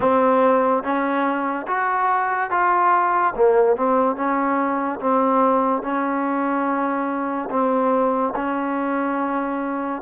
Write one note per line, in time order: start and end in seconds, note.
0.00 0.83 C4
0.83 1.66 C#4
1.67 2.50 F#4
2.50 3.33 F4
3.35 3.76 A#3
3.76 4.16 C4
4.16 4.99 C#4
5.00 5.82 C4
5.82 7.49 C#4
7.50 8.33 C4
8.35 10.02 C#4